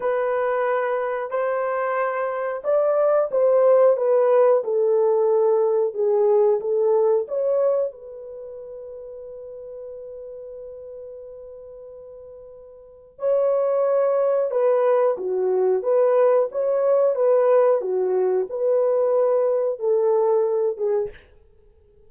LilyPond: \new Staff \with { instrumentName = "horn" } { \time 4/4 \tempo 4 = 91 b'2 c''2 | d''4 c''4 b'4 a'4~ | a'4 gis'4 a'4 cis''4 | b'1~ |
b'1 | cis''2 b'4 fis'4 | b'4 cis''4 b'4 fis'4 | b'2 a'4. gis'8 | }